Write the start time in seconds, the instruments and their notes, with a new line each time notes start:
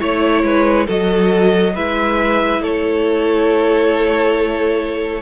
0.00 cello A3, viola E4, violin C#5
0.44 cello G#3, violin B4
0.87 cello F#3, viola F#4, violin A4 D#5
1.75 cello G#3, viola E4, violin B4 E5
2.61 cello A3, violin A4 C#5